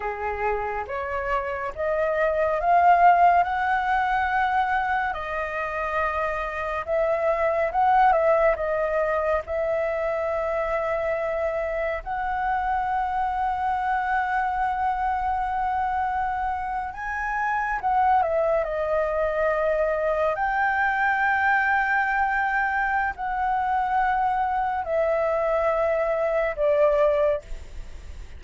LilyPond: \new Staff \with { instrumentName = "flute" } { \time 4/4 \tempo 4 = 70 gis'4 cis''4 dis''4 f''4 | fis''2 dis''2 | e''4 fis''8 e''8 dis''4 e''4~ | e''2 fis''2~ |
fis''2.~ fis''8. gis''16~ | gis''8. fis''8 e''8 dis''2 g''16~ | g''2. fis''4~ | fis''4 e''2 d''4 | }